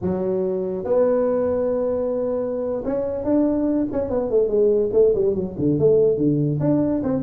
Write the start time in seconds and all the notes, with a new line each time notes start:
0.01 F#3
0.84 B3
2.84 C#4
3.24 D4
3.91 C#4
4.09 B3
4.30 A3
4.48 G#3
4.92 A3
5.15 G3
5.34 F#3
5.58 D3
5.78 A3
6.17 D3
6.60 D4
7.03 C4